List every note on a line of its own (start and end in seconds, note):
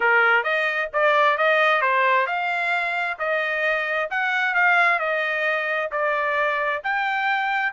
0.00 0.43 A#4
0.43 0.89 D#5
0.93 1.37 D5
1.37 1.81 D#5
1.81 2.26 C5
2.26 3.17 F5
3.18 4.09 D#5
4.10 4.54 F#5
4.54 4.99 F5
4.99 5.90 D#5
5.91 6.82 D5
6.83 7.72 G5